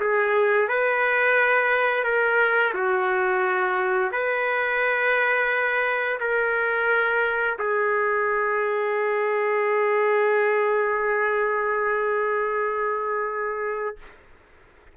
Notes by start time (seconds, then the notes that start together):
0.00 G#4
0.68 B4
2.04 A#4
2.74 F#4
4.12 B4
6.20 A#4
7.59 G#4